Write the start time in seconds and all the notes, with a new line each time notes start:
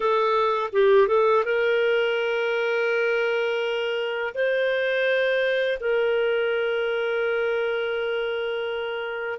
0.00 A4
0.72 G4
1.07 A4
1.45 A#4
4.34 C5
5.80 A#4